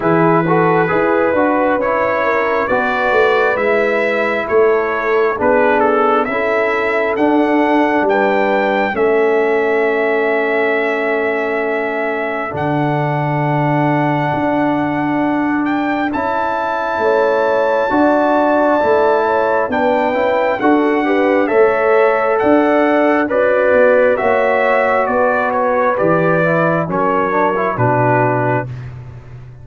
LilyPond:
<<
  \new Staff \with { instrumentName = "trumpet" } { \time 4/4 \tempo 4 = 67 b'2 cis''4 d''4 | e''4 cis''4 b'8 a'8 e''4 | fis''4 g''4 e''2~ | e''2 fis''2~ |
fis''4. g''8 a''2~ | a''2 g''4 fis''4 | e''4 fis''4 d''4 e''4 | d''8 cis''8 d''4 cis''4 b'4 | }
  \new Staff \with { instrumentName = "horn" } { \time 4/4 gis'8 a'8 b'4. ais'8 b'4~ | b'4 a'4 gis'4 a'4~ | a'4 b'4 a'2~ | a'1~ |
a'2. cis''4 | d''4. cis''8 b'4 a'8 b'8 | cis''4 d''4 fis'4 cis''4 | b'2 ais'4 fis'4 | }
  \new Staff \with { instrumentName = "trombone" } { \time 4/4 e'8 fis'8 gis'8 fis'8 e'4 fis'4 | e'2 d'4 e'4 | d'2 cis'2~ | cis'2 d'2~ |
d'2 e'2 | fis'4 e'4 d'8 e'8 fis'8 g'8 | a'2 b'4 fis'4~ | fis'4 g'8 e'8 cis'8 d'16 e'16 d'4 | }
  \new Staff \with { instrumentName = "tuba" } { \time 4/4 e4 e'8 d'8 cis'4 b8 a8 | gis4 a4 b4 cis'4 | d'4 g4 a2~ | a2 d2 |
d'2 cis'4 a4 | d'4 a4 b8 cis'8 d'4 | a4 d'4 cis'8 b8 ais4 | b4 e4 fis4 b,4 | }
>>